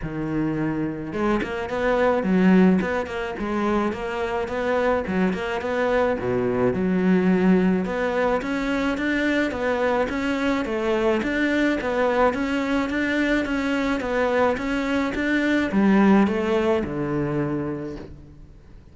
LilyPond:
\new Staff \with { instrumentName = "cello" } { \time 4/4 \tempo 4 = 107 dis2 gis8 ais8 b4 | fis4 b8 ais8 gis4 ais4 | b4 fis8 ais8 b4 b,4 | fis2 b4 cis'4 |
d'4 b4 cis'4 a4 | d'4 b4 cis'4 d'4 | cis'4 b4 cis'4 d'4 | g4 a4 d2 | }